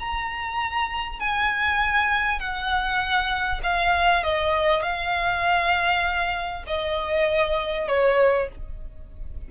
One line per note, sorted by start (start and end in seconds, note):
0.00 1.20 A#5
1.20 2.40 G#5
2.40 3.61 F#5
3.64 4.24 F5
4.24 4.83 D#5
4.83 6.64 F5
6.67 7.88 D#5
7.88 8.49 C#5